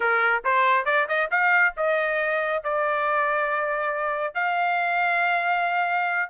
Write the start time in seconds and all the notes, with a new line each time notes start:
0.00 A#4
0.44 C5
0.85 D5
1.08 D#5
1.30 F5
1.76 D#5
2.63 D5
4.34 F5